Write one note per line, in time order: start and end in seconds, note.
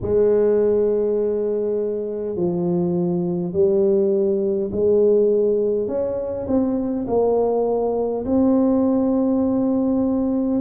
0.01 2.35 G#3
2.35 3.52 F3
3.52 4.70 G3
4.72 5.87 G#3
5.87 6.46 C#4
6.47 7.06 C4
7.06 8.24 A#3
8.25 10.60 C4